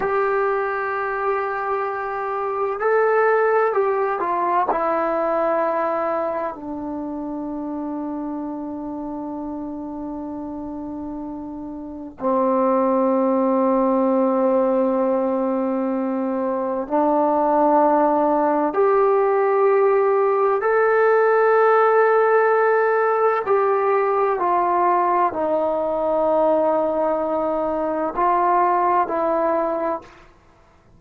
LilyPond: \new Staff \with { instrumentName = "trombone" } { \time 4/4 \tempo 4 = 64 g'2. a'4 | g'8 f'8 e'2 d'4~ | d'1~ | d'4 c'2.~ |
c'2 d'2 | g'2 a'2~ | a'4 g'4 f'4 dis'4~ | dis'2 f'4 e'4 | }